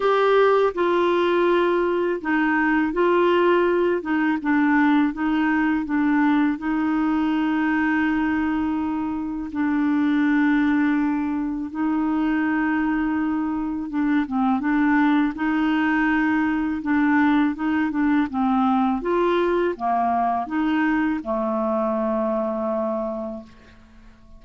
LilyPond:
\new Staff \with { instrumentName = "clarinet" } { \time 4/4 \tempo 4 = 82 g'4 f'2 dis'4 | f'4. dis'8 d'4 dis'4 | d'4 dis'2.~ | dis'4 d'2. |
dis'2. d'8 c'8 | d'4 dis'2 d'4 | dis'8 d'8 c'4 f'4 ais4 | dis'4 a2. | }